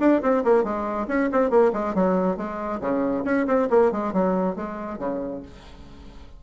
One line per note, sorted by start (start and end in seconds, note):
0.00 0.22 D4
0.22 0.44 C4
0.44 0.64 A#3
0.64 1.07 G#3
1.08 1.30 C#4
1.32 1.50 C4
1.50 1.72 A#3
1.73 1.95 G#3
1.95 2.37 F#3
2.37 2.80 G#3
2.81 3.24 C#3
3.25 3.46 C#4
3.47 3.69 C4
3.70 3.92 A#3
3.92 4.13 G#3
4.13 4.56 F#3
4.56 4.99 G#3
4.99 5.42 C#3